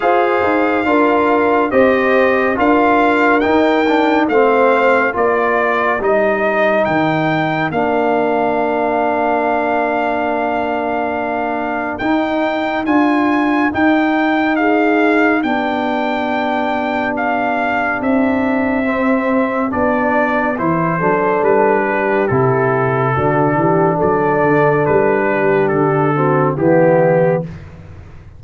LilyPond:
<<
  \new Staff \with { instrumentName = "trumpet" } { \time 4/4 \tempo 4 = 70 f''2 dis''4 f''4 | g''4 f''4 d''4 dis''4 | g''4 f''2.~ | f''2 g''4 gis''4 |
g''4 f''4 g''2 | f''4 e''2 d''4 | c''4 b'4 a'2 | d''4 b'4 a'4 g'4 | }
  \new Staff \with { instrumentName = "horn" } { \time 4/4 c''4 ais'4 c''4 ais'4~ | ais'4 c''4 ais'2~ | ais'1~ | ais'1~ |
ais'4 gis'4 g'2~ | g'1~ | g'8 a'4 g'4. fis'8 g'8 | a'4. g'4 fis'8 e'4 | }
  \new Staff \with { instrumentName = "trombone" } { \time 4/4 gis'4 f'4 g'4 f'4 | dis'8 d'8 c'4 f'4 dis'4~ | dis'4 d'2.~ | d'2 dis'4 f'4 |
dis'2 d'2~ | d'2 c'4 d'4 | e'8 d'4. e'4 d'4~ | d'2~ d'8 c'8 b4 | }
  \new Staff \with { instrumentName = "tuba" } { \time 4/4 f'8 dis'8 d'4 c'4 d'4 | dis'4 a4 ais4 g4 | dis4 ais2.~ | ais2 dis'4 d'4 |
dis'2 b2~ | b4 c'2 b4 | e8 fis8 g4 c4 d8 e8 | fis8 d8 g4 d4 e4 | }
>>